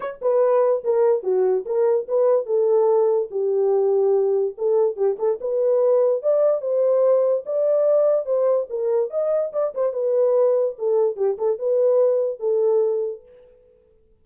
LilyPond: \new Staff \with { instrumentName = "horn" } { \time 4/4 \tempo 4 = 145 cis''8 b'4. ais'4 fis'4 | ais'4 b'4 a'2 | g'2. a'4 | g'8 a'8 b'2 d''4 |
c''2 d''2 | c''4 ais'4 dis''4 d''8 c''8 | b'2 a'4 g'8 a'8 | b'2 a'2 | }